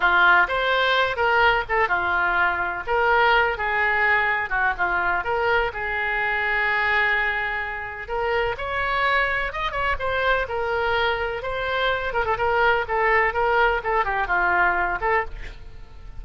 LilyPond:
\new Staff \with { instrumentName = "oboe" } { \time 4/4 \tempo 4 = 126 f'4 c''4. ais'4 a'8 | f'2 ais'4. gis'8~ | gis'4. fis'8 f'4 ais'4 | gis'1~ |
gis'4 ais'4 cis''2 | dis''8 cis''8 c''4 ais'2 | c''4. ais'16 a'16 ais'4 a'4 | ais'4 a'8 g'8 f'4. a'8 | }